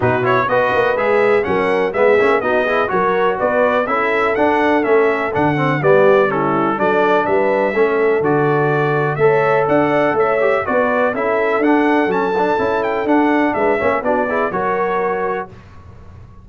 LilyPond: <<
  \new Staff \with { instrumentName = "trumpet" } { \time 4/4 \tempo 4 = 124 b'8 cis''8 dis''4 e''4 fis''4 | e''4 dis''4 cis''4 d''4 | e''4 fis''4 e''4 fis''4 | d''4 a'4 d''4 e''4~ |
e''4 d''2 e''4 | fis''4 e''4 d''4 e''4 | fis''4 a''4. g''8 fis''4 | e''4 d''4 cis''2 | }
  \new Staff \with { instrumentName = "horn" } { \time 4/4 fis'4 b'2 ais'4 | gis'4 fis'8 gis'8 ais'4 b'4 | a'1 | g'4 e'4 a'4 b'4 |
a'2. cis''4 | d''4 cis''4 b'4 a'4~ | a'1 | b'8 cis''8 fis'8 gis'8 ais'2 | }
  \new Staff \with { instrumentName = "trombone" } { \time 4/4 dis'8 e'8 fis'4 gis'4 cis'4 | b8 cis'8 dis'8 e'8 fis'2 | e'4 d'4 cis'4 d'8 c'8 | b4 cis'4 d'2 |
cis'4 fis'2 a'4~ | a'4. g'8 fis'4 e'4 | d'4 cis'8 d'8 e'4 d'4~ | d'8 cis'8 d'8 e'8 fis'2 | }
  \new Staff \with { instrumentName = "tuba" } { \time 4/4 b,4 b8 ais8 gis4 fis4 | gis8 ais8 b4 fis4 b4 | cis'4 d'4 a4 d4 | g2 fis4 g4 |
a4 d2 a4 | d'4 a4 b4 cis'4 | d'4 fis4 cis'4 d'4 | gis8 ais8 b4 fis2 | }
>>